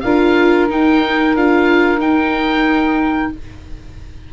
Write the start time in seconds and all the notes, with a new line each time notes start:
0.00 D4 F4 A#4 F5
0.69 D#4 G5
1.35 D4 F4 F5
1.98 D#4 G5